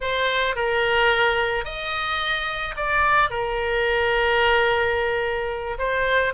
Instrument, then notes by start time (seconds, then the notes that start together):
oboe
0.01 C5
0.55 A#4
1.64 D#5
2.76 D5
3.30 A#4
5.78 C5